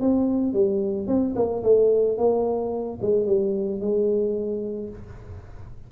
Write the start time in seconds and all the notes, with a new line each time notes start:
0.00 C4
0.53 G3
1.07 C4
1.35 A#3
1.63 A3
2.17 A#3
3.01 G#3
3.26 G3
3.80 G#3